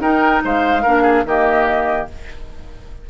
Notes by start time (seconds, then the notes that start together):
0.00 D#4 A#4 G5
0.44 G#3 C5 F5
0.82 A#3 D4 A#4
1.02 G#4
1.24 D#3 A#3 G4 D#5